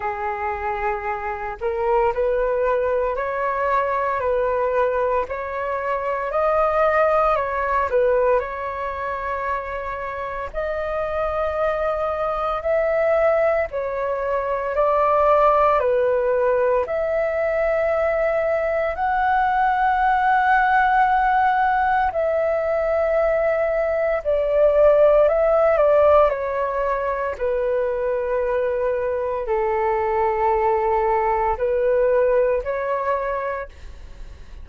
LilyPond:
\new Staff \with { instrumentName = "flute" } { \time 4/4 \tempo 4 = 57 gis'4. ais'8 b'4 cis''4 | b'4 cis''4 dis''4 cis''8 b'8 | cis''2 dis''2 | e''4 cis''4 d''4 b'4 |
e''2 fis''2~ | fis''4 e''2 d''4 | e''8 d''8 cis''4 b'2 | a'2 b'4 cis''4 | }